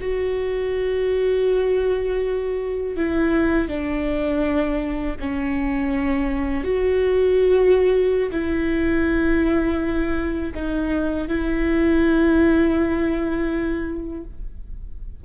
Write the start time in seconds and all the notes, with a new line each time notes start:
0.00 F#4
2.96 E4
3.68 D4
5.20 C#4
6.64 F#4
8.31 E4
10.54 D#4
11.28 E4